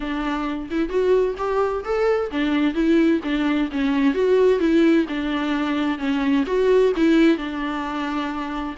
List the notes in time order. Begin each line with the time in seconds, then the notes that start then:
0.00 D4
0.70 E4
0.89 F#4
1.37 G4
1.84 A4
2.31 D4
2.74 E4
3.23 D4
3.71 C#4
4.13 F#4
4.59 E4
5.08 D4
5.98 C#4
6.46 F#4
6.96 E4
7.37 D4